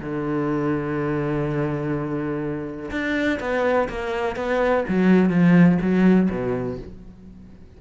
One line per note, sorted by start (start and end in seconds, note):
0.00 2.90 D3
2.91 3.39 D4
3.40 3.88 B3
3.89 4.36 A#3
4.36 4.85 B3
4.88 5.30 F#3
5.30 5.78 F3
5.81 6.29 F#3
6.30 6.78 B2